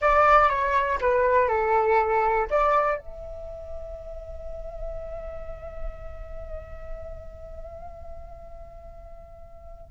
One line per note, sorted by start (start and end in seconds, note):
0.01 0.49 D5
0.49 0.98 C#5
1.00 1.48 B4
1.48 2.47 A4
2.50 2.98 D5
2.98 9.91 E5